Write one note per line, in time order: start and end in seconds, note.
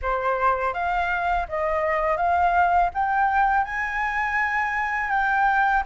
0.02 0.73 C5
0.73 1.46 F5
1.48 2.16 D#5
2.16 2.89 F5
2.94 3.64 G5
3.64 5.10 G#5
5.10 5.83 G5